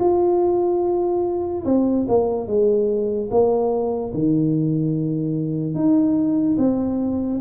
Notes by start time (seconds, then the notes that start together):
0.00 F4
1.65 C4
2.08 A#3
2.47 G#3
3.31 A#3
4.14 D#3
5.74 D#4
6.58 C4